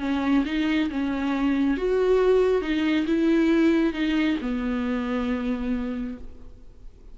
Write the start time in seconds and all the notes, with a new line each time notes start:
0.00 C#4
0.46 D#4
0.90 C#4
1.77 F#4
2.62 D#4
3.07 E4
3.93 D#4
4.42 B3